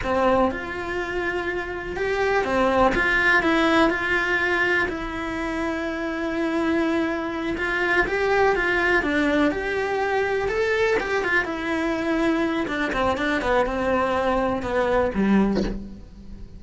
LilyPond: \new Staff \with { instrumentName = "cello" } { \time 4/4 \tempo 4 = 123 c'4 f'2. | g'4 c'4 f'4 e'4 | f'2 e'2~ | e'2.~ e'8 f'8~ |
f'8 g'4 f'4 d'4 g'8~ | g'4. a'4 g'8 f'8 e'8~ | e'2 d'8 c'8 d'8 b8 | c'2 b4 g4 | }